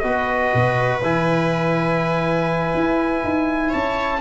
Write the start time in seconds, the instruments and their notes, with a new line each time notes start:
0.00 tuba B3, trombone F#4, viola B4, trumpet D#5
0.55 tuba B2
1.03 tuba E3, trombone E4, trumpet G#5
2.75 tuba E4
3.24 tuba D#4
3.69 tuba C#4, viola C#5, trumpet A5